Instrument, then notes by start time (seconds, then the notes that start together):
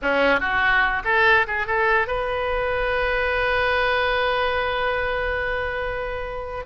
oboe
0.02 C#4
0.40 F#4
1.04 A4
1.47 G#4
1.66 A4
2.07 B4